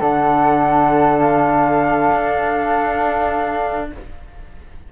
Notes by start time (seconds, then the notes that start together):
0.00 D3 D4 A4 F#5
1.20 F5
2.12 D4